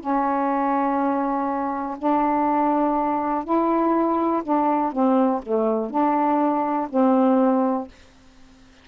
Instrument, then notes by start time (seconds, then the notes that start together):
saxophone
0.00 C#4
1.98 D4
3.44 E4
4.43 D4
4.92 C4
5.43 A3
5.90 D4
6.90 C4